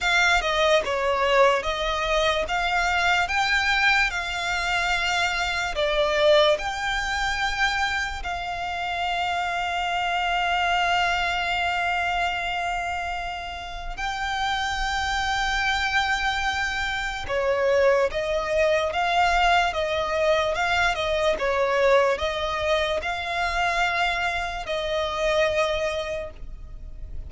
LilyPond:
\new Staff \with { instrumentName = "violin" } { \time 4/4 \tempo 4 = 73 f''8 dis''8 cis''4 dis''4 f''4 | g''4 f''2 d''4 | g''2 f''2~ | f''1~ |
f''4 g''2.~ | g''4 cis''4 dis''4 f''4 | dis''4 f''8 dis''8 cis''4 dis''4 | f''2 dis''2 | }